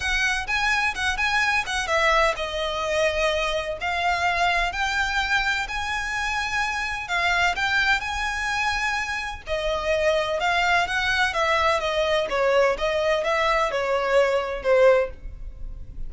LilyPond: \new Staff \with { instrumentName = "violin" } { \time 4/4 \tempo 4 = 127 fis''4 gis''4 fis''8 gis''4 fis''8 | e''4 dis''2. | f''2 g''2 | gis''2. f''4 |
g''4 gis''2. | dis''2 f''4 fis''4 | e''4 dis''4 cis''4 dis''4 | e''4 cis''2 c''4 | }